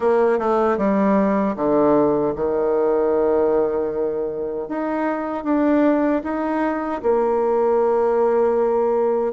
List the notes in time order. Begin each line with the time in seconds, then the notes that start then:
0.00 A#3
0.39 A3
0.77 G3
1.56 D3
2.36 D#3
4.68 D#4
5.44 D4
6.23 D#4
7.02 A#3